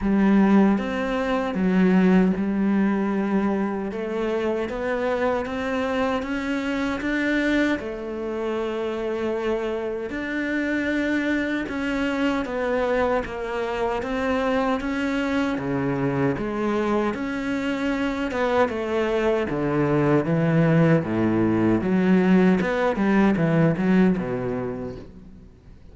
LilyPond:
\new Staff \with { instrumentName = "cello" } { \time 4/4 \tempo 4 = 77 g4 c'4 fis4 g4~ | g4 a4 b4 c'4 | cis'4 d'4 a2~ | a4 d'2 cis'4 |
b4 ais4 c'4 cis'4 | cis4 gis4 cis'4. b8 | a4 d4 e4 a,4 | fis4 b8 g8 e8 fis8 b,4 | }